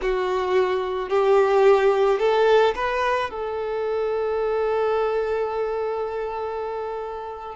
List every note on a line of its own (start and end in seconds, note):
0.01 1.09 F#4
1.09 2.19 G4
2.19 2.74 A4
2.75 3.30 B4
3.30 7.56 A4